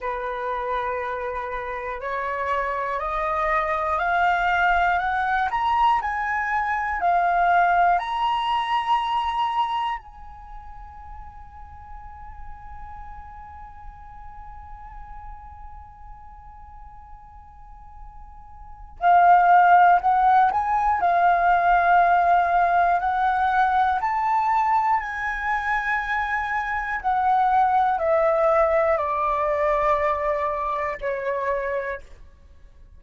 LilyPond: \new Staff \with { instrumentName = "flute" } { \time 4/4 \tempo 4 = 60 b'2 cis''4 dis''4 | f''4 fis''8 ais''8 gis''4 f''4 | ais''2 gis''2~ | gis''1~ |
gis''2. f''4 | fis''8 gis''8 f''2 fis''4 | a''4 gis''2 fis''4 | e''4 d''2 cis''4 | }